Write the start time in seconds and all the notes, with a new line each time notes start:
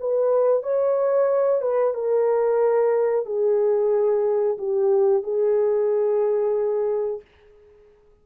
0.00 B4
0.63 C#5
1.62 B4
1.94 A#4
3.25 G#4
4.58 G4
5.23 G#4